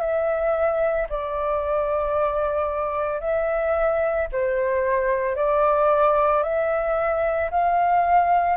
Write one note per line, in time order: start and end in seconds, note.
0.00 1.07 E5
1.09 3.20 D5
3.20 4.27 E5
4.32 5.36 C5
5.36 6.43 D5
6.43 7.50 E5
7.50 8.57 F5